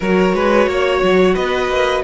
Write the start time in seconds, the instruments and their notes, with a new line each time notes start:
0.00 cello F#3, viola F#4, violin A#4 C#5
0.33 cello G#3, violin B4
0.67 cello A#3, violin C#5
1.02 cello F#3
1.34 cello B3, violin B4 D#5
1.68 cello A#3